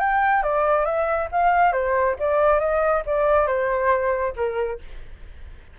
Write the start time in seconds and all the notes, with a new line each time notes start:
0.00 G5
0.43 D5
0.85 E5
1.32 F5
1.73 C5
2.19 D5
2.60 D#5
3.06 D5
3.47 C5
4.36 A#4